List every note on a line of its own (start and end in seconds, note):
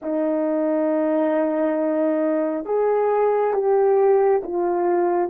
0.02 2.65 D#4
2.65 3.53 G#4
3.53 4.41 G4
4.43 5.30 F4